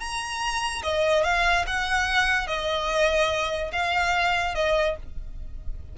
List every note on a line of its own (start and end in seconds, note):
0.00 0.83 A#5
0.83 1.24 D#5
1.24 1.65 F5
1.67 2.48 F#5
2.48 3.72 D#5
3.73 4.55 F5
4.55 4.96 D#5